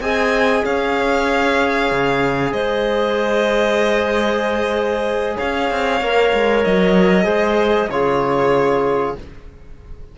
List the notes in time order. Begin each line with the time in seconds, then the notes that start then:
0.00 C4 G#4 D#5 G#5
0.64 C#4 C#5 F5
1.91 C#3
2.52 G#3 C5 D#5
5.37 C#4 C#5 F5
5.71 C4
6.01 A#3 A#4
6.34 G#3
6.64 F#3 D#5
7.24 G#3 G#4 C5
7.89 C#3 F4 G#4 C#5